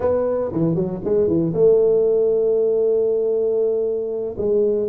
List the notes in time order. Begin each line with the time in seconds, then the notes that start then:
0.00 B3
0.52 E3
0.75 F#3
1.04 G#3
1.27 E3
1.54 A3
4.37 G#3